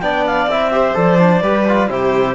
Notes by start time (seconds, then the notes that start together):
0.00 B3 D4 D5 G5
0.26 F5
0.46 C4 E4 E5
0.71 G4 C5
0.94 F3 A4 D5
1.19 D4
1.42 G3 G4 B4
1.68 F4
1.89 C3 E4 G4 C5